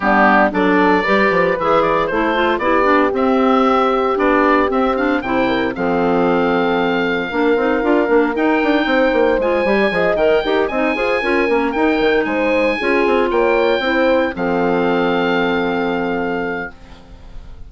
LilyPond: <<
  \new Staff \with { instrumentName = "oboe" } { \time 4/4 \tempo 4 = 115 g'4 d''2 e''8 d''8 | c''4 d''4 e''2 | d''4 e''8 f''8 g''4 f''4~ | f''1 |
g''2 gis''4. g''8~ | g''8 gis''2 g''4 gis''8~ | gis''4. g''2 f''8~ | f''1 | }
  \new Staff \with { instrumentName = "horn" } { \time 4/4 d'4 a'4 b'2 | a'4 g'2.~ | g'2 c''8 ais'8 a'4~ | a'2 ais'2~ |
ais'4 c''4.~ c''16 d''16 dis''4 | ais'8 dis''8 c''8 ais'2 c''8~ | c''8 gis'4 cis''4 c''4 a'8~ | a'1 | }
  \new Staff \with { instrumentName = "clarinet" } { \time 4/4 b4 d'4 g'4 gis'4 | e'8 f'8 e'8 d'8 c'2 | d'4 c'8 d'8 e'4 c'4~ | c'2 d'8 dis'8 f'8 d'8 |
dis'2 f'8 g'8 gis'8 ais'8 | g'8 dis'8 gis'8 f'8 cis'8 dis'4.~ | dis'8 f'2 e'4 c'8~ | c'1 | }
  \new Staff \with { instrumentName = "bassoon" } { \time 4/4 g4 fis4 g8 f8 e4 | a4 b4 c'2 | b4 c'4 c4 f4~ | f2 ais8 c'8 d'8 ais8 |
dis'8 d'8 c'8 ais8 gis8 g8 f8 dis8 | dis'8 c'8 f'8 cis'8 ais8 dis'8 dis8 gis8~ | gis8 cis'8 c'8 ais4 c'4 f8~ | f1 | }
>>